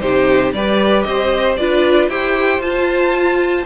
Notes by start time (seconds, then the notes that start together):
0.00 C3 D#4 G4 C5
0.52 G3 G4 B4 D5
1.03 C4 C5 D#5
1.57 D4 F4 B4 D5
2.09 E4 G4 C5 G5
2.58 F4 A5